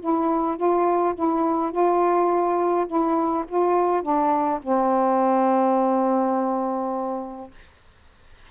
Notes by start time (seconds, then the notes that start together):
0.00 E4
0.56 F4
1.15 E4
1.71 F4
2.86 E4
3.48 F4
4.02 D4
4.62 C4